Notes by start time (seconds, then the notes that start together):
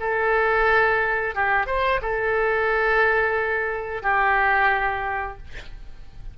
0.00 A4
1.35 G4
1.66 C5
2.02 A4
4.02 G4